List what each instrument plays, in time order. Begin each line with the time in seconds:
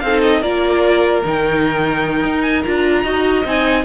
0.00 cello C4, violin A4 F5
0.07 viola D#4
0.22 violin D#5
0.42 cello A#3, viola F4, violin A#4 D5
1.24 cello D#3, viola D#4, violin G5
2.24 cello D#4
2.42 violin G#5
2.63 cello D4, viola F4, violin A#5
3.03 cello D#4, viola F#4, violin D#5
3.44 cello C4, viola D#4, violin G#5